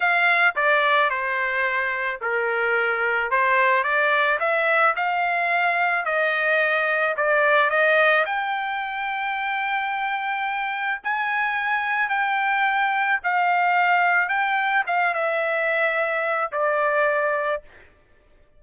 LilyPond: \new Staff \with { instrumentName = "trumpet" } { \time 4/4 \tempo 4 = 109 f''4 d''4 c''2 | ais'2 c''4 d''4 | e''4 f''2 dis''4~ | dis''4 d''4 dis''4 g''4~ |
g''1 | gis''2 g''2 | f''2 g''4 f''8 e''8~ | e''2 d''2 | }